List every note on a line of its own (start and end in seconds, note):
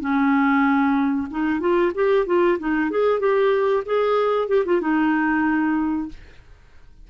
0.00 1.28 C#4
1.31 1.60 D#4
1.60 1.92 F4
1.95 2.26 G4
2.26 2.58 F4
2.59 2.90 D#4
2.90 3.19 G#4
3.19 3.83 G4
3.85 4.48 G#4
4.48 4.64 G4
4.65 4.81 F4
4.81 6.09 D#4